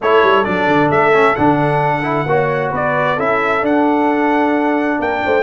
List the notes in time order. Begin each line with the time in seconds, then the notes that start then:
0.01 A3 E4 A4 C#5
0.22 G3
0.44 F#3 D4 D5
0.67 D3
0.90 A3 E5
1.13 C#4
1.35 D3 D4 F#5
2.03 E4
2.26 A#3 F#4 C#5
2.71 B3 B4 D5
3.16 C#4 E4 A4 E5
3.61 D4 F#5
4.99 A#3 A#4 G5
5.24 A3 C5